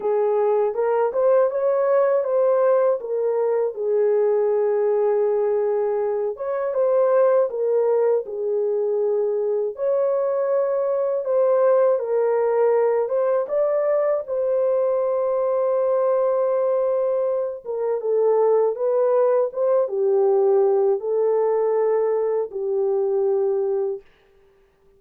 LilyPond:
\new Staff \with { instrumentName = "horn" } { \time 4/4 \tempo 4 = 80 gis'4 ais'8 c''8 cis''4 c''4 | ais'4 gis'2.~ | gis'8 cis''8 c''4 ais'4 gis'4~ | gis'4 cis''2 c''4 |
ais'4. c''8 d''4 c''4~ | c''2.~ c''8 ais'8 | a'4 b'4 c''8 g'4. | a'2 g'2 | }